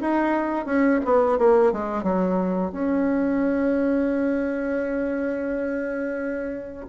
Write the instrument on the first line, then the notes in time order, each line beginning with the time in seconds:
bassoon
0.00 D#4
0.65 C#4
1.05 B3
1.38 A#3
1.72 G#3
2.03 F#3
2.72 C#4